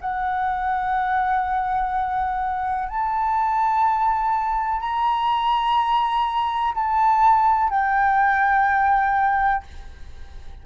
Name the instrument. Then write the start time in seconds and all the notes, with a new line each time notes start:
flute
0.00 F#5
2.88 A5
4.80 A#5
6.74 A5
7.69 G5